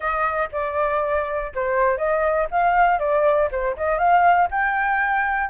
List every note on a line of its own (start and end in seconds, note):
0.00 0.49 D#5
0.52 1.52 D5
1.54 1.97 C5
1.97 2.47 D#5
2.50 2.99 F5
2.99 3.49 D5
3.51 3.76 C5
3.76 3.98 D#5
3.98 4.48 F5
4.50 5.49 G5